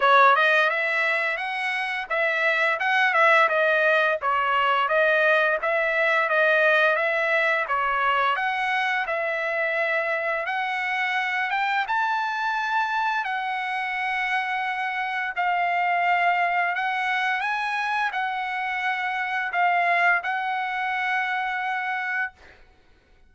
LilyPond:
\new Staff \with { instrumentName = "trumpet" } { \time 4/4 \tempo 4 = 86 cis''8 dis''8 e''4 fis''4 e''4 | fis''8 e''8 dis''4 cis''4 dis''4 | e''4 dis''4 e''4 cis''4 | fis''4 e''2 fis''4~ |
fis''8 g''8 a''2 fis''4~ | fis''2 f''2 | fis''4 gis''4 fis''2 | f''4 fis''2. | }